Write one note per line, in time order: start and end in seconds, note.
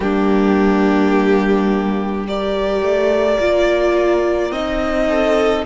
0.00 2.82 G3
0.00 2.25 A#3
0.00 2.26 D4
0.00 2.26 G4
2.26 3.40 G4
2.26 5.08 A#4
2.26 4.51 D5
2.82 3.39 A3
3.40 4.51 A#3
3.40 4.52 F4
4.51 5.64 C4
4.51 5.65 D#4
4.51 5.65 D#5
5.08 5.65 A4